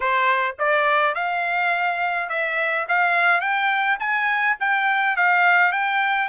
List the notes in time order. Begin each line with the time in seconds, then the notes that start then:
0.00 C5
0.58 D5
1.14 F5
2.29 E5
2.88 F5
3.41 G5
3.99 G#5
4.59 G5
5.16 F5
5.72 G5